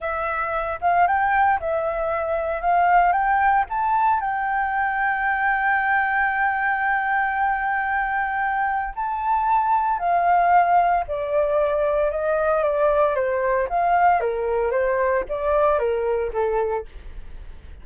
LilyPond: \new Staff \with { instrumentName = "flute" } { \time 4/4 \tempo 4 = 114 e''4. f''8 g''4 e''4~ | e''4 f''4 g''4 a''4 | g''1~ | g''1~ |
g''4 a''2 f''4~ | f''4 d''2 dis''4 | d''4 c''4 f''4 ais'4 | c''4 d''4 ais'4 a'4 | }